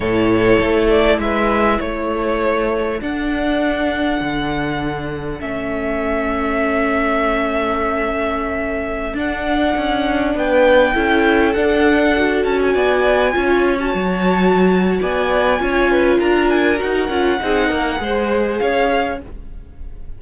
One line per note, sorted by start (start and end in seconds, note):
0.00 0.59 A2
0.00 2.99 E4
0.00 1.20 A4
0.00 0.87 C#5
0.60 1.18 A3
0.89 1.19 D5
1.18 1.78 G#3
1.18 1.80 B4
1.18 1.80 E5
1.80 3.01 A3
1.80 10.35 A4
1.80 3.00 C#5
2.99 5.39 D4
2.99 4.20 D4
2.99 5.40 F#5
4.20 5.40 D3
5.39 9.13 A3
5.39 9.14 C#4
5.39 9.15 E5
9.13 9.73 D4
9.13 10.94 D4
9.13 10.38 F#5
9.77 10.34 C#4
10.34 10.94 B3
10.34 10.94 B4
10.34 11.53 G5
10.94 11.55 C#4
10.94 11.54 E4
10.94 12.72 A4
11.53 12.15 D4
11.53 12.44 D4
11.53 12.43 F#5
12.17 13.32 F#4
12.44 12.74 C#4
12.44 12.59 A5
12.61 13.79 G#5
12.72 13.34 B3
12.72 13.32 D5
13.32 13.94 C#4
13.32 13.77 F4
13.32 15.01 C#5
13.79 15.58 F#4
13.79 14.99 A5
13.94 14.99 F#3
15.01 15.60 B3
15.01 15.61 D5
15.01 16.20 G#5
15.58 16.20 C#4
15.58 16.76 F4
15.58 15.91 C#5
15.91 16.18 B4
16.18 16.80 D4
16.18 17.38 A#4
16.18 16.50 A#5
16.50 16.80 G#5
16.76 17.06 F#4
16.76 18.58 F#5
16.83 17.09 D#4
17.09 17.39 C#4
17.09 17.39 F4
17.39 17.70 C4
17.39 17.96 D#4
17.39 17.68 G#4
17.68 18.00 A#3
17.68 17.98 A#4
17.96 18.59 G#3
17.96 19.16 G#4
17.96 18.61 C5
18.58 19.21 C#4
18.58 19.21 C#5
18.58 19.18 F5